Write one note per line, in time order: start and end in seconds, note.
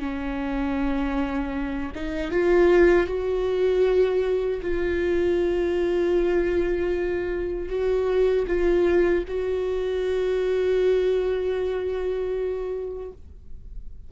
0.00 1.92 C#4
1.95 2.31 D#4
2.31 3.07 F4
3.07 4.61 F#4
4.62 7.69 F4
7.69 8.46 F#4
8.47 9.24 F4
9.28 13.12 F#4